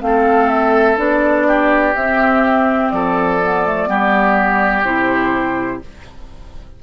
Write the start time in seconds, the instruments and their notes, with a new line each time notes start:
0.00 bassoon A3, clarinet C4, flute F5
0.06 oboe A4
0.48 flute E5
0.97 bassoon B3, clarinet D4, flute D5
1.47 oboe G4
1.93 bassoon C4, clarinet C4, flute E5
2.90 bassoon F3, oboe A4, flute D5
3.42 clarinet B3
3.65 clarinet A3
3.86 bassoon G3, clarinet B3, oboe G4
4.84 bassoon C3, clarinet E4, flute C5